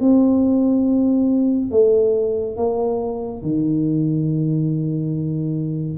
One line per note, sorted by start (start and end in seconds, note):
0.00 1.71 C4
1.71 2.56 A3
2.56 3.42 A#3
3.42 5.98 D#3